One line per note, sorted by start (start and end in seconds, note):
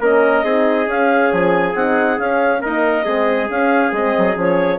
0.00 0.43 A#3
0.00 0.44 C#4
0.00 0.44 A#4
0.00 0.90 D#5
0.43 0.86 C4
0.43 0.86 D#4
0.43 2.61 G#4
0.86 1.73 C#4
0.86 1.30 C#4
0.86 1.33 F5
1.32 1.74 F3
1.32 1.75 G#5
1.74 2.17 C4
1.74 2.17 D#4
1.74 2.18 F#5
2.17 2.61 C#4
2.17 2.62 C#4
2.17 2.62 F5
2.61 3.05 A#3
2.61 3.05 D#4
2.61 3.04 A#4
2.61 3.49 D#5
3.04 3.49 G#3
3.04 3.48 C4
3.04 4.78 G#4
3.49 3.92 C#4
3.49 3.93 C#4
3.49 3.92 F5
3.92 4.13 G#3
3.92 4.34 C4
3.92 4.36 D#5
4.18 4.36 F#3
4.34 4.79 F3
4.34 4.78 C#4
4.34 4.79 C#5